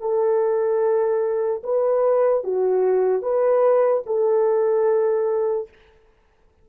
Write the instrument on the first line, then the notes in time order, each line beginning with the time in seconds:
horn
0.00 A4
1.63 B4
2.44 F#4
3.22 B4
4.06 A4